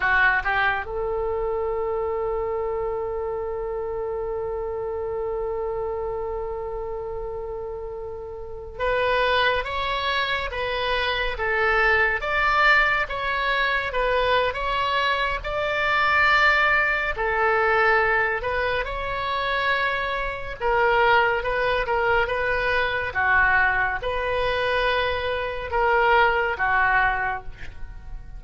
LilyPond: \new Staff \with { instrumentName = "oboe" } { \time 4/4 \tempo 4 = 70 fis'8 g'8 a'2.~ | a'1~ | a'2~ a'16 b'4 cis''8.~ | cis''16 b'4 a'4 d''4 cis''8.~ |
cis''16 b'8. cis''4 d''2 | a'4. b'8 cis''2 | ais'4 b'8 ais'8 b'4 fis'4 | b'2 ais'4 fis'4 | }